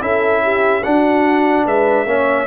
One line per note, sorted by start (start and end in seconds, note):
0.00 0.83 C#4
0.00 0.82 E4
0.00 0.43 A4
0.00 0.83 E5
0.43 0.84 G4
0.83 2.07 D4
0.83 1.66 D4
0.83 1.65 F#4
0.83 1.65 F#5
1.65 2.05 G#3
1.65 2.07 B4
1.65 2.47 E5
2.05 2.46 A#3
2.05 2.47 C#4
2.05 2.47 C#5